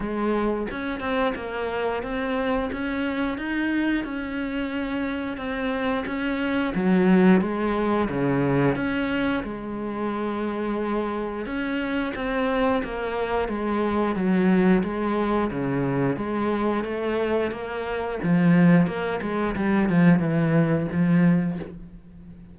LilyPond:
\new Staff \with { instrumentName = "cello" } { \time 4/4 \tempo 4 = 89 gis4 cis'8 c'8 ais4 c'4 | cis'4 dis'4 cis'2 | c'4 cis'4 fis4 gis4 | cis4 cis'4 gis2~ |
gis4 cis'4 c'4 ais4 | gis4 fis4 gis4 cis4 | gis4 a4 ais4 f4 | ais8 gis8 g8 f8 e4 f4 | }